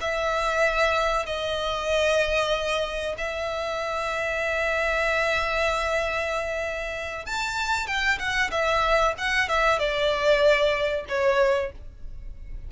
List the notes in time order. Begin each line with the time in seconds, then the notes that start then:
0.00 E5
1.26 D#5
3.18 E5
7.25 A5
7.87 G5
8.19 F#5
8.51 E5
9.17 F#5
9.48 E5
9.79 D5
11.08 C#5